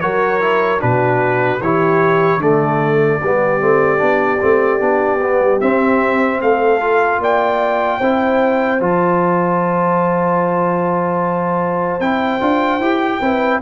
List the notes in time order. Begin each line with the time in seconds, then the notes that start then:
0.00 F#3 F#4 A#4 C#5
0.41 E4
0.79 B2 D4 F#4 B4
1.60 E3 E4 G4 C#5
2.37 D3 A3 A4 D5
3.22 G3 B3 G4
3.61 A3 C4
3.98 B3 D4
4.40 A3 C4
4.80 B3 D4
5.21 B3
5.40 G3
5.61 C4 E5
6.42 A3 A4 F5
6.80 F4
7.19 A#3 D5 G5
7.99 C4 E4 C5
8.80 F3 F4 A5
12.00 C4 E4 G5
12.41 D4 F4
12.79 E4 G4
13.20 C4 E4 B4